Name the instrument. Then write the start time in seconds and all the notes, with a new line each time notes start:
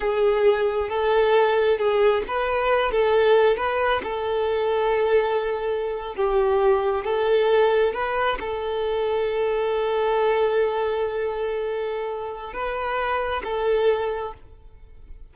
violin
0.00 G#4
0.89 A4
1.78 G#4
2.27 B4
2.91 A4
3.56 B4
4.03 A4
6.15 G4
7.04 A4
7.93 B4
8.40 A4
12.53 B4
13.43 A4